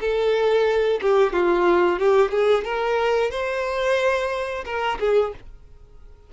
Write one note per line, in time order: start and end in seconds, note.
0.00 1.00 A4
1.01 1.33 G4
1.33 1.99 F4
1.99 2.31 G4
2.31 2.64 G#4
2.64 3.31 A#4
3.31 4.64 C5
4.65 4.98 A#4
4.99 5.33 G#4